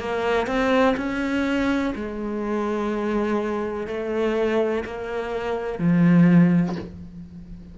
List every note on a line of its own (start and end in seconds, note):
0.00 0.47 A#3
0.47 0.95 C4
0.97 1.94 C#4
1.95 3.87 G#3
3.87 4.84 A3
4.86 5.79 A#3
5.79 6.76 F3